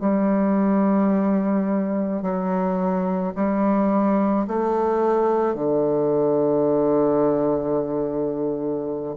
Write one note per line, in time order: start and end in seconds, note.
0.00 2.22 G3
2.22 3.33 F#3
3.35 4.46 G3
4.47 5.55 A3
5.55 9.16 D3